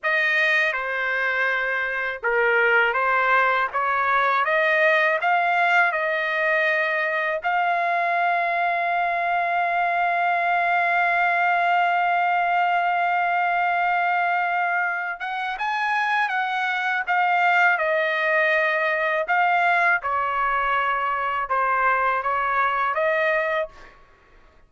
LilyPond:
\new Staff \with { instrumentName = "trumpet" } { \time 4/4 \tempo 4 = 81 dis''4 c''2 ais'4 | c''4 cis''4 dis''4 f''4 | dis''2 f''2~ | f''1~ |
f''1~ | f''8 fis''8 gis''4 fis''4 f''4 | dis''2 f''4 cis''4~ | cis''4 c''4 cis''4 dis''4 | }